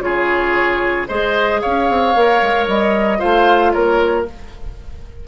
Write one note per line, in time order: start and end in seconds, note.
0.00 1.06 C#3
0.00 1.07 F4
0.00 1.08 G#4
0.00 1.07 C#5
1.08 1.62 G#3
1.08 2.14 G#4
1.08 1.61 C5
1.08 1.61 D#5
1.61 1.89 C#4
1.61 3.19 C#5
1.61 2.67 F5
1.89 2.15 C4
2.15 2.42 A#3
2.15 3.19 A#4
2.42 2.67 G#3
2.67 3.20 G3
2.67 3.20 D#5
3.19 3.75 A3
3.19 4.25 F4
3.19 3.72 C5
3.19 3.72 F5
3.72 4.28 A#3
3.72 4.27 A#4
3.72 4.25 C#5